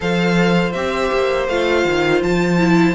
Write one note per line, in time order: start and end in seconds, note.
0.00 0.74 F3
0.00 0.72 A4
0.00 2.95 C5
0.00 0.72 F5
0.72 1.11 C4
0.72 1.48 G4
0.72 1.46 E5
1.12 1.48 A#3
1.48 1.84 A3
1.48 2.58 F4
1.48 2.22 F5
1.84 2.21 D#3
2.22 2.95 F3
2.22 2.95 A5
2.58 2.95 E4